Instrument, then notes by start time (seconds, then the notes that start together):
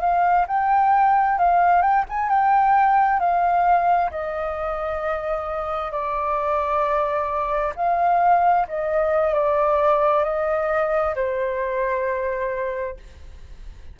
flute
0.00 F5
0.47 G5
1.38 F5
1.82 G5
2.09 G#5
2.29 G5
3.19 F5
4.10 D#5
5.91 D5
7.75 F5
8.68 D#5
9.33 D5
10.24 D#5
11.15 C5